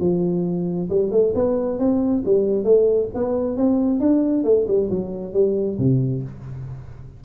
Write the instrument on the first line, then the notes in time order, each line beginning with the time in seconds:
tuba
0.00 F3
0.90 G3
1.11 A3
1.35 B3
1.79 C4
2.25 G3
2.64 A3
3.15 B3
3.57 C4
4.00 D4
4.44 A3
4.67 G3
4.90 F#3
5.33 G3
5.78 C3